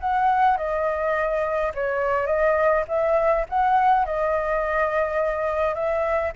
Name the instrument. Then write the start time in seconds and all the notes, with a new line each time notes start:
flute
0.00 F#5
0.57 D#5
1.75 C#5
2.27 D#5
2.88 E5
3.49 F#5
4.06 D#5
5.75 E5